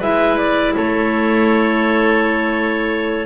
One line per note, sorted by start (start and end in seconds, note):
0.00 0.75 G#3
0.00 3.27 E4
0.00 0.73 B4
0.00 0.38 E5
0.38 0.75 D5
0.75 3.27 A3
0.75 3.27 A4
0.75 3.27 C#5